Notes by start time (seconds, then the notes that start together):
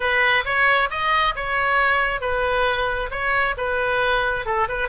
0.00 B4
0.44 C#5
0.90 D#5
1.35 C#5
2.21 B4
3.10 C#5
3.57 B4
4.45 A4
4.68 B4